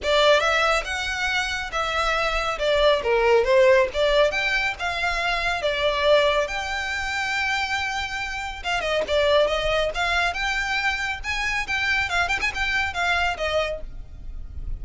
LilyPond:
\new Staff \with { instrumentName = "violin" } { \time 4/4 \tempo 4 = 139 d''4 e''4 fis''2 | e''2 d''4 ais'4 | c''4 d''4 g''4 f''4~ | f''4 d''2 g''4~ |
g''1 | f''8 dis''8 d''4 dis''4 f''4 | g''2 gis''4 g''4 | f''8 g''16 gis''16 g''4 f''4 dis''4 | }